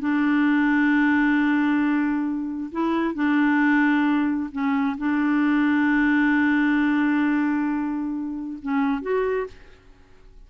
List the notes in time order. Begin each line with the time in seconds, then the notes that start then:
0.00 D4
2.72 E4
3.15 D4
4.52 C#4
4.98 D4
8.62 C#4
9.02 F#4